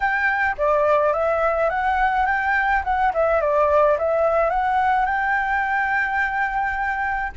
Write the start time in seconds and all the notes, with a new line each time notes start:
0.00 G5
0.57 D5
1.13 E5
1.69 F#5
2.26 G5
2.84 F#5
3.13 E5
3.40 D5
3.98 E5
4.49 F#5
5.05 G5